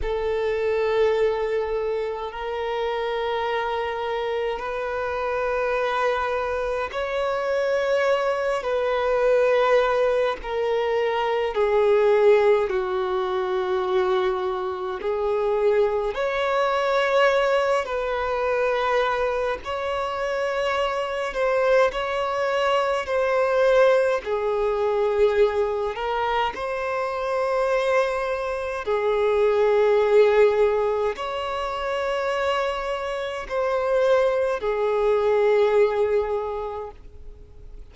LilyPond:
\new Staff \with { instrumentName = "violin" } { \time 4/4 \tempo 4 = 52 a'2 ais'2 | b'2 cis''4. b'8~ | b'4 ais'4 gis'4 fis'4~ | fis'4 gis'4 cis''4. b'8~ |
b'4 cis''4. c''8 cis''4 | c''4 gis'4. ais'8 c''4~ | c''4 gis'2 cis''4~ | cis''4 c''4 gis'2 | }